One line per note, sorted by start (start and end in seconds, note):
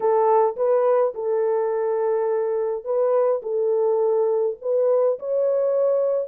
0.00 0.56 A4
0.56 1.13 B4
1.14 2.84 A4
2.84 3.41 B4
3.42 4.56 A4
4.61 5.18 B4
5.19 6.28 C#5